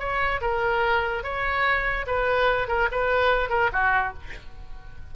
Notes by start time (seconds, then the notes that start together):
0.00 C#5
0.42 A#4
1.24 C#5
2.07 B4
2.68 A#4
2.92 B4
3.50 A#4
3.73 F#4